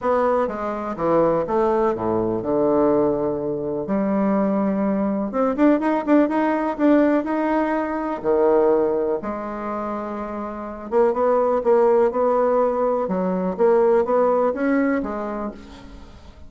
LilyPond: \new Staff \with { instrumentName = "bassoon" } { \time 4/4 \tempo 4 = 124 b4 gis4 e4 a4 | a,4 d2. | g2. c'8 d'8 | dis'8 d'8 dis'4 d'4 dis'4~ |
dis'4 dis2 gis4~ | gis2~ gis8 ais8 b4 | ais4 b2 fis4 | ais4 b4 cis'4 gis4 | }